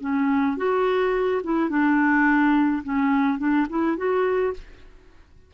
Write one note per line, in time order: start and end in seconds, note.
0.00 0.57 C#4
0.57 1.42 F#4
1.43 1.69 E4
1.69 2.82 D4
2.83 3.38 C#4
3.38 3.66 D4
3.69 3.96 E4
3.96 4.53 F#4